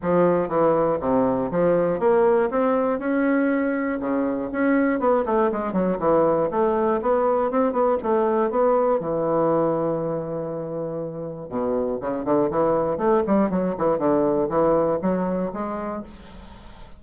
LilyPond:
\new Staff \with { instrumentName = "bassoon" } { \time 4/4 \tempo 4 = 120 f4 e4 c4 f4 | ais4 c'4 cis'2 | cis4 cis'4 b8 a8 gis8 fis8 | e4 a4 b4 c'8 b8 |
a4 b4 e2~ | e2. b,4 | cis8 d8 e4 a8 g8 fis8 e8 | d4 e4 fis4 gis4 | }